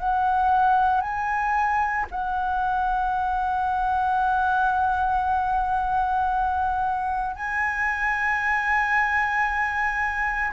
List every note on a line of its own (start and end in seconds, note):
0.00 1.01 F#5
1.01 2.07 G#5
2.11 7.36 F#5
7.36 10.52 G#5